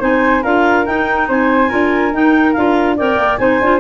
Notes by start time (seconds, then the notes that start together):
0.00 C4 D#4 C5 G#5
0.43 D4 F4 A#4 F5
0.86 D#4 G5
1.29 C4 C5 G#5
1.69 D4 F4 A#4
2.13 D#4 G5
2.53 D4 F4 F5
2.97 C4 A#4 D5 G5
3.18 A#3
3.37 C4 D#4 C5 G#5
3.61 D4 F4